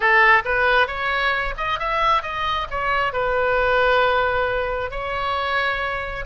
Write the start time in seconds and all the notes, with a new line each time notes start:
0.00 A4
0.44 B4
0.87 C#5
1.57 D#5
1.79 E5
2.22 D#5
2.70 C#5
3.12 B4
4.91 C#5